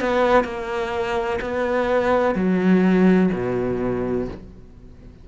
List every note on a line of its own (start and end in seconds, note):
0.00 0.44 B3
0.44 1.39 A#3
1.41 2.35 B3
2.35 3.30 F#3
3.32 4.28 B2